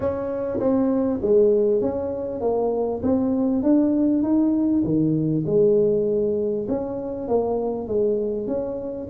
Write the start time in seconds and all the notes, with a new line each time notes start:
0.00 C#4
0.59 C4
1.21 G#3
1.81 C#4
2.40 A#3
3.02 C4
3.63 D4
4.22 D#4
4.83 D#3
5.45 G#3
6.68 C#4
7.28 A#3
7.87 G#3
8.47 C#4